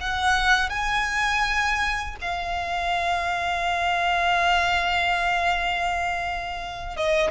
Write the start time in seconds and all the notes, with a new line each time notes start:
0.00 F#5
0.69 G#5
2.21 F5
6.96 D#5